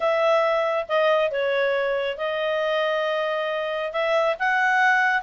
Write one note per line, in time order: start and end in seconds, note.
0.00 0.86 E5
0.88 1.31 D#5
1.31 2.17 C#5
2.17 3.92 D#5
3.92 4.36 E5
4.39 5.22 F#5